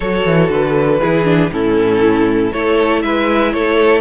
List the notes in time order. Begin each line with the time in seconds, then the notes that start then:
0.00 F#3 F#4 A4 C#5
0.25 E3
0.49 D3 B4
1.00 E3 E4 G#4
1.24 D4
1.50 A2 C#4 E4 A4
2.52 A3 E4 A4 C#5
3.02 G#3 B4 E5
3.52 A3 A4 C#5